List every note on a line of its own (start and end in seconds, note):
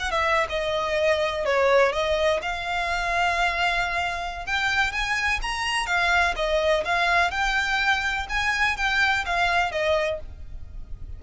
0.00 0.11 F#5
0.11 0.47 E5
0.50 1.46 D#5
1.46 1.93 C#5
1.93 2.41 D#5
2.42 4.46 F5
4.46 4.92 G5
4.92 5.40 G#5
5.42 5.87 A#5
5.87 6.35 F5
6.36 6.84 D#5
6.85 7.31 F5
7.31 8.27 G5
8.29 8.77 G#5
8.77 9.25 G5
9.26 9.72 F5
9.72 10.20 D#5